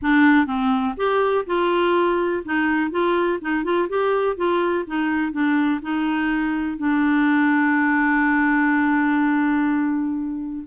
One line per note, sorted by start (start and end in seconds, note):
0.02 0.46 D4
0.46 0.94 C4
0.97 1.45 G4
1.46 2.43 F4
2.44 2.90 D#4
2.90 3.39 F4
3.41 3.63 D#4
3.63 3.88 F4
3.88 4.36 G4
4.36 4.85 F4
4.86 5.32 D#4
5.32 5.80 D4
5.82 6.77 D#4
6.77 10.64 D4